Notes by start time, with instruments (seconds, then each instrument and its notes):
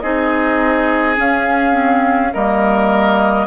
0.00 bassoon C4, clarinet D#4, oboe G#4, flute D#5
1.16 clarinet C#4, bassoon C#4, flute F5
1.72 clarinet C4
2.33 bassoon G3, clarinet A#3, oboe A#4, flute D#5